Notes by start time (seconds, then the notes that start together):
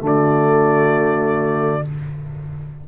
0.00 D3 A3 F#4
0.06 D5